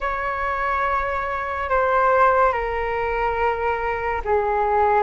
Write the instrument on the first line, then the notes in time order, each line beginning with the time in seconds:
flute
0.00 C#5
1.69 C5
2.52 A#4
4.24 G#4